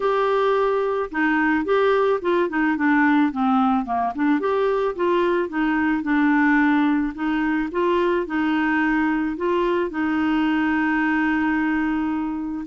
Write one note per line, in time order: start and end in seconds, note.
0.00 1.10 G4
1.11 1.65 D#4
1.65 2.20 G4
2.21 2.49 F4
2.49 2.76 D#4
2.76 3.32 D4
3.32 3.85 C4
3.85 4.12 A#3
4.15 4.40 D4
4.40 4.95 G4
4.95 5.48 F4
5.48 6.03 D#4
6.03 7.13 D4
7.14 7.69 D#4
7.71 8.26 F4
8.26 9.36 D#4
9.36 9.90 F4
9.90 12.65 D#4